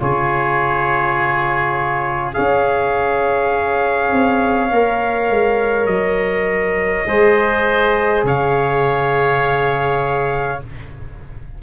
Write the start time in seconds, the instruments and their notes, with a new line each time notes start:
0.00 tuba C#3, trombone F4, oboe G#4, trumpet C#5
2.34 tuba C#4, trombone G#4, oboe C#5, trumpet F5
4.13 tuba C4
4.71 tuba A#3, trombone A#4
5.30 tuba G#3
5.87 tuba F#3, trumpet D#5
7.06 tuba G#3, trombone G#4, oboe C5
8.24 tuba C#3, oboe C#5, trumpet F5